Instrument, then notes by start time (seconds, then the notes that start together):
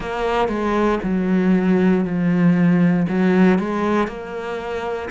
cello
0.00 A#3
0.48 G#3
1.03 F#3
2.04 F3
3.08 F#3
3.58 G#3
4.07 A#3